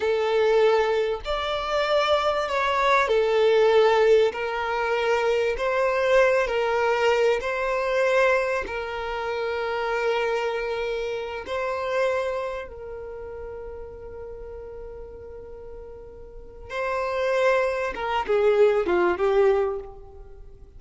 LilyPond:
\new Staff \with { instrumentName = "violin" } { \time 4/4 \tempo 4 = 97 a'2 d''2 | cis''4 a'2 ais'4~ | ais'4 c''4. ais'4. | c''2 ais'2~ |
ais'2~ ais'8 c''4.~ | c''8 ais'2.~ ais'8~ | ais'2. c''4~ | c''4 ais'8 gis'4 f'8 g'4 | }